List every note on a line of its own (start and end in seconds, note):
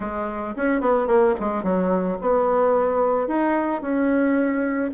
0.00 0.55 G#3
0.56 0.80 C#4
0.80 1.07 B3
1.07 1.34 A#3
1.39 1.63 G#3
1.63 2.17 F#3
2.21 3.27 B3
3.27 3.81 D#4
3.81 4.90 C#4